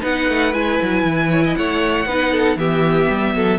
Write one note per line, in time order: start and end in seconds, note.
0.00 0.29 B3
0.00 0.52 D#4
0.00 1.28 B4
0.00 0.53 F#5
0.29 0.54 A3
0.53 0.80 G#3
0.53 2.07 E4
0.53 1.55 G#5
0.82 1.04 F#3
1.04 1.55 E3
1.31 1.44 C#5
1.45 1.57 D#5
1.55 2.06 A3
1.55 2.07 C#5
1.55 2.58 F#5
2.06 2.56 B3
2.06 2.58 D#4
2.06 2.32 B4
2.32 2.58 A4
2.56 3.07 E3
2.56 3.59 B3
2.56 3.35 G4
2.56 3.59 E5
3.09 3.35 G3
3.35 3.59 F#3
3.35 3.59 A4